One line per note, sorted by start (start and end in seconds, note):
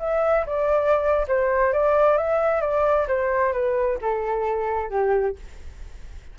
0.00 0.46 E5
0.47 1.27 D5
1.28 1.73 C5
1.73 2.18 D5
2.18 2.61 E5
2.61 3.07 D5
3.08 3.53 C5
3.53 3.99 B4
4.02 4.90 A4
4.90 5.36 G4